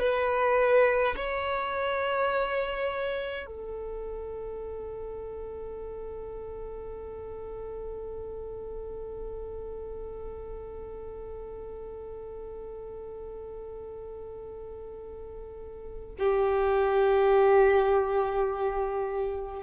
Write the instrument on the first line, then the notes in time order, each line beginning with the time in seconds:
violin
0.00 B4
1.16 C#5
3.46 A4
16.19 G4